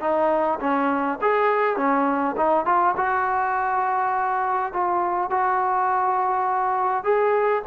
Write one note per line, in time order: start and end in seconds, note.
0.00 0.59 D#4
0.60 1.19 C#4
1.21 1.77 G#4
1.77 2.36 C#4
2.37 2.66 D#4
2.66 2.95 F4
2.97 4.73 F#4
4.73 5.30 F4
5.30 7.04 F#4
7.04 7.63 G#4